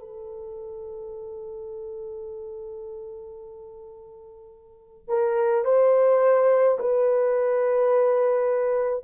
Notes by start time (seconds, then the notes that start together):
0.00 A4
5.08 A#4
5.64 C5
6.79 B4